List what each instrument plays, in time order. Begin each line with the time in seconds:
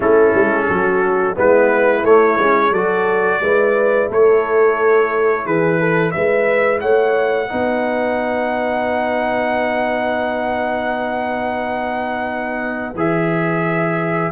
0.00 tuba A3, trombone C#4, horn E4, trumpet A4
0.34 tuba G#3
0.68 tuba F#3, horn F#4
1.35 tuba G#3, trombone B3, horn E4, trumpet B4
2.03 tuba A3, trombone A3, trumpet C#5
2.38 tuba G#3, trombone C#4
2.70 tuba F#3, trombone F#4, horn A4, trumpet D5
3.40 tuba G#3, trombone E4, horn B4
4.09 tuba A3, horn A4, trumpet C#5
5.45 tuba E3, horn G#4, trumpet B4
5.80 horn A4
6.11 tuba G#3, horn B4, trumpet E5
6.80 tuba A3, horn C#5, trumpet F#5
7.48 tuba B3, trombone D#4, horn B4
12.94 tuba E3, trombone G#4, trumpet E5